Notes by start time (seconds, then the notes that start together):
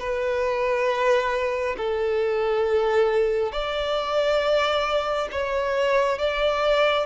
0.00 B4
1.78 A4
3.53 D5
5.32 C#5
6.19 D5